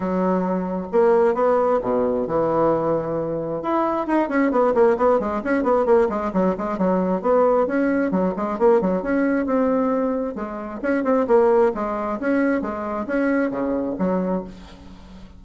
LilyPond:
\new Staff \with { instrumentName = "bassoon" } { \time 4/4 \tempo 4 = 133 fis2 ais4 b4 | b,4 e2. | e'4 dis'8 cis'8 b8 ais8 b8 gis8 | cis'8 b8 ais8 gis8 fis8 gis8 fis4 |
b4 cis'4 fis8 gis8 ais8 fis8 | cis'4 c'2 gis4 | cis'8 c'8 ais4 gis4 cis'4 | gis4 cis'4 cis4 fis4 | }